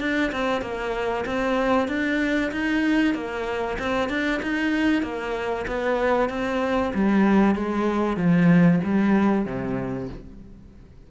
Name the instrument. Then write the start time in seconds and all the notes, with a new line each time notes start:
cello
0.00 D4
0.32 C4
0.62 A#3
1.26 C4
1.88 D4
2.51 D#4
3.15 A#3
3.79 C4
4.09 D4
4.42 D#4
5.02 A#3
5.67 B3
6.29 C4
6.94 G3
7.55 G#3
8.17 F3
8.84 G3
9.46 C3